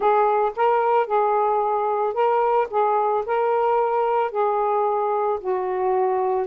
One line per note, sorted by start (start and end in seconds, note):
0.00 0.52 G#4
0.56 1.06 A#4
1.06 2.13 G#4
2.13 2.67 A#4
2.70 3.24 G#4
3.26 4.31 A#4
4.31 5.39 G#4
5.40 6.47 F#4